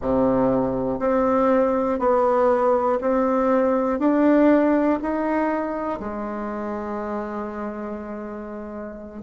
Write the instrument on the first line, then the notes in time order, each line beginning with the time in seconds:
bassoon
0.01 C3
0.99 C4
1.99 B3
3.00 C4
3.99 D4
5.02 D#4
6.00 G#3